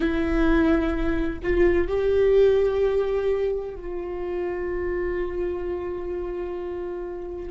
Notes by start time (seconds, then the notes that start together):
0.00 E4
1.42 F4
1.87 G4
3.75 F4